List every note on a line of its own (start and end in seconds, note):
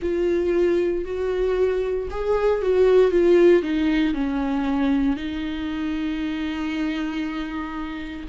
0.01 1.04 F4
1.04 2.08 F#4
2.10 2.61 G#4
2.61 3.11 F#4
3.11 3.62 F4
3.62 4.14 D#4
4.14 5.16 C#4
5.16 8.26 D#4